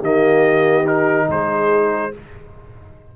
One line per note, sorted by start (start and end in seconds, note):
0.00 1.29 D#3
0.00 0.85 A#3
0.00 1.27 G4
0.00 0.87 D#5
0.85 2.12 D#4
0.85 1.29 A#4
1.29 2.13 G#3
1.29 2.13 G#4
1.29 2.16 C5